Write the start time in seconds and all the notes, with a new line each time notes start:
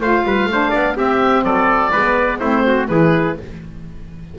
0.00 A3 F4 C5 F5
0.24 G3 B4
0.45 A3 D4
0.51 C5
0.70 B3 D5
0.95 C4 G4 E5
1.43 F#3 A4 D5
1.91 G#3 B3 B4
2.38 A3 C4 E4 C5
2.66 F#4
2.88 E3 E4 G#4 B4